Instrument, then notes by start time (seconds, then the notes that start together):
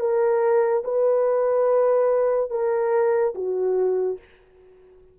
horn
0.00 A#4
0.84 B4
2.50 A#4
3.35 F#4